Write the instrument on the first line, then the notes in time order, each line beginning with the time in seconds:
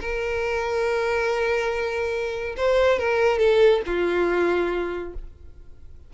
violin
0.00 A#4
2.56 C5
2.99 A#4
3.38 A4
3.86 F4